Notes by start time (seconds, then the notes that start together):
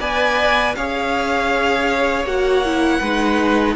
0.00 B3 B4 D5 G#5
0.75 C#4 G#4 C#5 F5
2.25 A#3 F#4 F#5
2.65 E4
3.00 G#3 D#4 B4